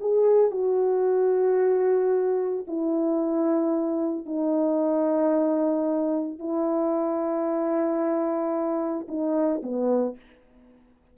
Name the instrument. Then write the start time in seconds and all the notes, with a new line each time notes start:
horn
0.00 G#4
0.51 F#4
2.68 E4
4.26 D#4
6.39 E4
9.08 D#4
9.63 B3